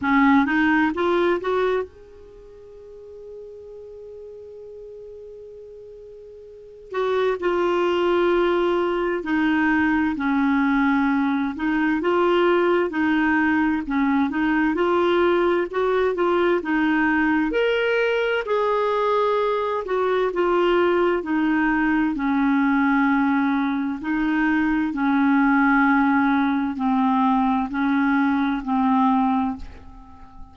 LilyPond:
\new Staff \with { instrumentName = "clarinet" } { \time 4/4 \tempo 4 = 65 cis'8 dis'8 f'8 fis'8 gis'2~ | gis'2.~ gis'8 fis'8 | f'2 dis'4 cis'4~ | cis'8 dis'8 f'4 dis'4 cis'8 dis'8 |
f'4 fis'8 f'8 dis'4 ais'4 | gis'4. fis'8 f'4 dis'4 | cis'2 dis'4 cis'4~ | cis'4 c'4 cis'4 c'4 | }